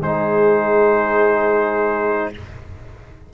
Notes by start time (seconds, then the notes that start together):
0.00 G#3 D#4 G#4 C5